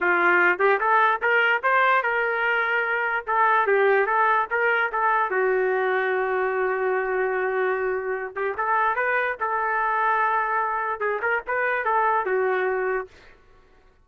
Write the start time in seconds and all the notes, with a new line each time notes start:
0.00 F4
0.59 G4
0.80 A4
1.21 A#4
1.62 C5
2.02 A#4
3.26 A4
3.66 G4
4.06 A4
4.50 A#4
4.92 A4
5.30 F#4
8.35 G4
8.57 A4
8.95 B4
9.40 A4
11.00 G#4
11.22 A#4
11.47 B4
11.84 A4
12.25 F#4